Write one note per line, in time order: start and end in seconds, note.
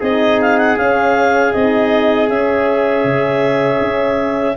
0.00 0.78 C4
0.00 0.77 D#4
0.00 4.56 G#4
0.00 0.41 D#5
0.41 0.58 F5
0.58 0.77 F#5
0.77 1.53 C#4
0.77 1.54 C#4
0.77 1.53 F5
1.53 2.29 C4
1.53 2.29 D#4
1.53 2.29 D#5
2.29 4.57 C#4
2.29 3.04 C#4
2.29 4.57 E5
3.04 3.80 C#3
3.81 4.57 C#4